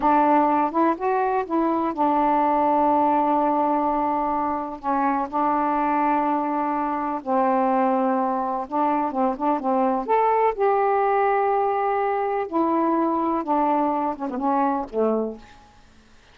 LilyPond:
\new Staff \with { instrumentName = "saxophone" } { \time 4/4 \tempo 4 = 125 d'4. e'8 fis'4 e'4 | d'1~ | d'2 cis'4 d'4~ | d'2. c'4~ |
c'2 d'4 c'8 d'8 | c'4 a'4 g'2~ | g'2 e'2 | d'4. cis'16 b16 cis'4 a4 | }